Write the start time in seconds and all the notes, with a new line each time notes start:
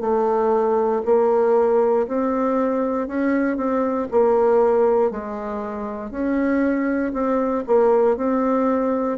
0.00 A3
1.05 A#3
2.08 C4
3.07 C#4
3.56 C4
4.11 A#3
5.11 G#3
6.11 C#4
7.13 C4
7.66 A#3
8.16 C4